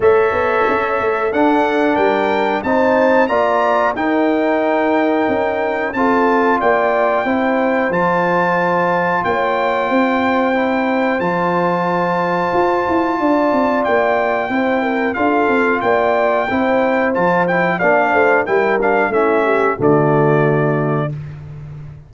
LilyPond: <<
  \new Staff \with { instrumentName = "trumpet" } { \time 4/4 \tempo 4 = 91 e''2 fis''4 g''4 | a''4 ais''4 g''2~ | g''4 a''4 g''2 | a''2 g''2~ |
g''4 a''2.~ | a''4 g''2 f''4 | g''2 a''8 g''8 f''4 | g''8 f''8 e''4 d''2 | }
  \new Staff \with { instrumentName = "horn" } { \time 4/4 cis''2 a'4 ais'4 | c''4 d''4 ais'2~ | ais'4 a'4 d''4 c''4~ | c''2 cis''4 c''4~ |
c''1 | d''2 c''8 ais'8 a'4 | d''4 c''2 d''8 c''8 | ais'4 e'8 g'8 fis'2 | }
  \new Staff \with { instrumentName = "trombone" } { \time 4/4 a'2 d'2 | dis'4 f'4 dis'2~ | dis'4 f'2 e'4 | f'1 |
e'4 f'2.~ | f'2 e'4 f'4~ | f'4 e'4 f'8 e'8 d'4 | e'8 d'8 cis'4 a2 | }
  \new Staff \with { instrumentName = "tuba" } { \time 4/4 a8 b8 cis'8 a8 d'4 g4 | c'4 ais4 dis'2 | cis'4 c'4 ais4 c'4 | f2 ais4 c'4~ |
c'4 f2 f'8 e'8 | d'8 c'8 ais4 c'4 d'8 c'8 | ais4 c'4 f4 ais8 a8 | g4 a4 d2 | }
>>